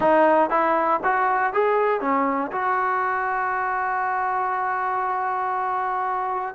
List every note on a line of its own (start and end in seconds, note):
0.00 0.50 D#4
0.50 1.00 E4
1.03 1.53 F#4
1.53 2.00 G#4
2.00 2.51 C#4
2.51 6.55 F#4